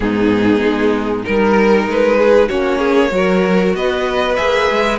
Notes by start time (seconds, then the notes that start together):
0.00 G#2 B3 D#4 G#4
0.61 G#3
1.23 G3 D#4 A#4
1.87 G#3 B4
2.18 G#4
2.48 A#3 C#4 F#4 C#5
2.78 G#4
3.10 F#3 F#4 A#4
3.74 B3 B4 D#5
4.36 A#3 G#4 E5
4.70 G#3